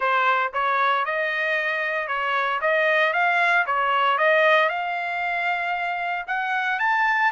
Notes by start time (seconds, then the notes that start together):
0.00 C5
0.53 C#5
1.05 D#5
2.07 C#5
2.61 D#5
3.13 F5
3.66 C#5
4.18 D#5
4.69 F5
6.27 F#5
6.79 A5